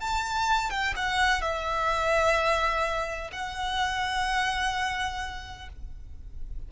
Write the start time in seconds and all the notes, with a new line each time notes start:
0.00 A5
0.70 G5
0.96 F#5
1.42 E5
3.32 F#5